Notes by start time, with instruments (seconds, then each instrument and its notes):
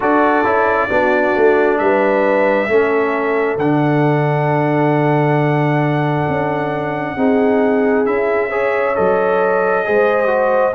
0.00 tuba D4, trombone F#4, horn A4, trumpet D5
0.44 tuba C#4, trombone E4
0.89 tuba B3, trombone D4, horn F#4
1.35 tuba A3
1.77 tuba G3, horn B4, trumpet E5
2.68 tuba A3, trombone C#4, horn A4
3.57 tuba D3, trombone D4, trumpet F#5
6.29 tuba C#4
7.16 tuba C4, trombone D#4, horn G#4
8.04 tuba C#4, trombone E4, trumpet E5
8.50 trombone G#4, horn C#5
8.95 tuba F#3, trombone A4, trumpet D#5
9.84 tuba G#3, trombone G#4, horn C5
10.26 trombone F#4